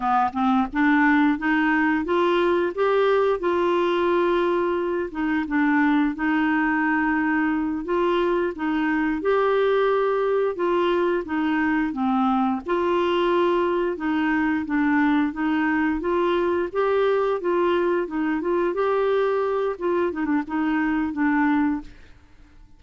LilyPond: \new Staff \with { instrumentName = "clarinet" } { \time 4/4 \tempo 4 = 88 b8 c'8 d'4 dis'4 f'4 | g'4 f'2~ f'8 dis'8 | d'4 dis'2~ dis'8 f'8~ | f'8 dis'4 g'2 f'8~ |
f'8 dis'4 c'4 f'4.~ | f'8 dis'4 d'4 dis'4 f'8~ | f'8 g'4 f'4 dis'8 f'8 g'8~ | g'4 f'8 dis'16 d'16 dis'4 d'4 | }